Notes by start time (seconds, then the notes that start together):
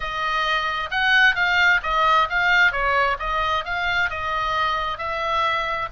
0.00 D#5
0.90 F#5
1.35 F5
1.82 D#5
2.29 F5
2.71 C#5
3.19 D#5
3.64 F5
4.10 D#5
4.98 E5